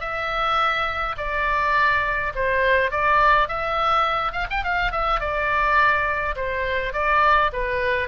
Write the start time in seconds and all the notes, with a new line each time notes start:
0.00 E5
1.17 D5
2.35 C5
2.91 D5
3.48 E5
4.32 F5
4.50 G5
4.64 F5
4.91 E5
5.20 D5
6.35 C5
6.93 D5
7.52 B4